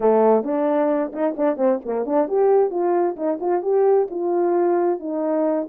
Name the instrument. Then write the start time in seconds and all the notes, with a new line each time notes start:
horn
0.00 A3
0.43 D4
1.12 D#4
1.36 D4
1.57 C4
1.85 A#3
2.05 D4
2.28 G4
2.70 F4
3.16 D#4
3.40 F4
3.62 G4
4.10 F4
4.99 D#4